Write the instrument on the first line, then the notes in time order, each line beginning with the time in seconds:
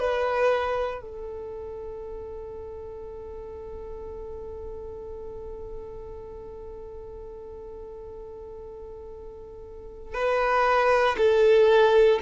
violin
0.00 B4
1.02 A4
10.15 B4
11.18 A4